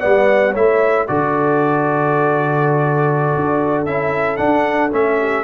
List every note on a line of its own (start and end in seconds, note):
0.00 0.55 G3
0.00 0.54 B3
0.00 0.52 D5
0.00 0.54 F#5
0.52 1.08 A3
0.52 1.08 E4
0.52 1.05 C#5
0.52 1.08 E5
1.08 3.35 D3
1.08 3.87 F#4
1.08 5.19 A4
1.08 3.85 D5
3.35 3.86 D4
3.85 4.39 C#4
3.85 4.38 E4
3.85 4.37 E5
4.37 4.91 D4
4.37 4.92 D4
4.37 4.90 F#5
4.92 5.44 A3
4.92 5.44 C#4
4.92 5.44 E5
5.19 5.44 G4